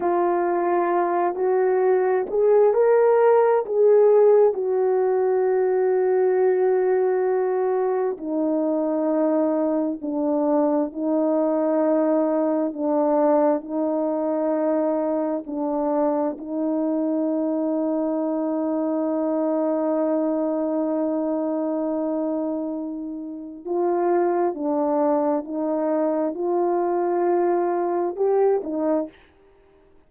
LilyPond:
\new Staff \with { instrumentName = "horn" } { \time 4/4 \tempo 4 = 66 f'4. fis'4 gis'8 ais'4 | gis'4 fis'2.~ | fis'4 dis'2 d'4 | dis'2 d'4 dis'4~ |
dis'4 d'4 dis'2~ | dis'1~ | dis'2 f'4 d'4 | dis'4 f'2 g'8 dis'8 | }